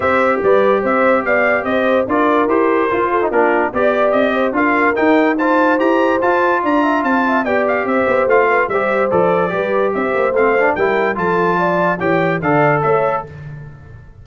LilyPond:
<<
  \new Staff \with { instrumentName = "trumpet" } { \time 4/4 \tempo 4 = 145 e''4 d''4 e''4 f''4 | dis''4 d''4 c''2 | ais'4 d''4 dis''4 f''4 | g''4 a''4 ais''4 a''4 |
ais''4 a''4 g''8 f''8 e''4 | f''4 e''4 d''2 | e''4 f''4 g''4 a''4~ | a''4 g''4 f''4 e''4 | }
  \new Staff \with { instrumentName = "horn" } { \time 4/4 c''4 b'4 c''4 d''4 | c''4 ais'2~ ais'8 a'8 | f'4 d''4. c''8 ais'4~ | ais'4 c''2. |
d''8 e''8 f''8 e''8 d''4 c''4~ | c''8 b'8 c''2 b'4 | c''2 ais'4 a'4 | d''4 cis''4 d''4 cis''4 | }
  \new Staff \with { instrumentName = "trombone" } { \time 4/4 g'1~ | g'4 f'4 g'4 f'8. dis'16 | d'4 g'2 f'4 | dis'4 f'4 g'4 f'4~ |
f'2 g'2 | f'4 g'4 a'4 g'4~ | g'4 c'8 d'8 e'4 f'4~ | f'4 g'4 a'2 | }
  \new Staff \with { instrumentName = "tuba" } { \time 4/4 c'4 g4 c'4 b4 | c'4 d'4 e'4 f'4 | ais4 b4 c'4 d'4 | dis'2 e'4 f'4 |
d'4 c'4 b4 c'8 b8 | a4 g4 f4 g4 | c'8 ais8 a4 g4 f4~ | f4 e4 d4 a4 | }
>>